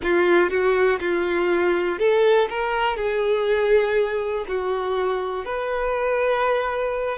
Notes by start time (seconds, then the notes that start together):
0.02 F4
0.50 F#4
0.99 F4
1.99 A4
2.49 A#4
2.96 G#4
4.48 F#4
5.45 B4